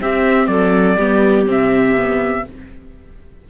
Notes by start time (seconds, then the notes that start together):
0.00 C4 G4 E5
0.48 F#3 A4 D5
0.97 G3 B3 G4
1.47 C3 C4 E5
1.97 B3